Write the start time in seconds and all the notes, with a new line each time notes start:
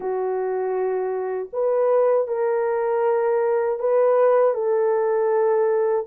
0.00 F#4
1.53 B4
2.27 A#4
3.79 B4
4.54 A4